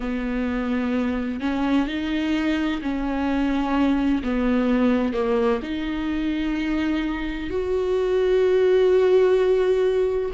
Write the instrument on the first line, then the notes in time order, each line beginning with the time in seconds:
viola
0.00 B3
1.40 C#4
1.87 D#4
2.81 C#4
4.23 B3
5.13 A#3
5.62 D#4
7.50 F#4